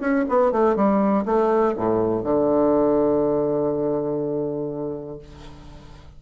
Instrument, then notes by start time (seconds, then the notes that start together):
bassoon
0.00 C#4
0.29 B3
0.51 A3
0.76 G3
1.25 A3
1.76 A2
2.23 D3